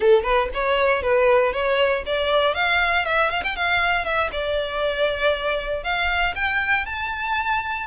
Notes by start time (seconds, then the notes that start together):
0.00 A4
0.23 B4
0.54 C#5
1.02 B4
1.53 C#5
2.05 D5
2.54 F5
3.05 E5
3.30 F5
3.43 G5
3.56 F5
4.04 E5
4.32 D5
5.83 F5
6.35 G5
6.85 A5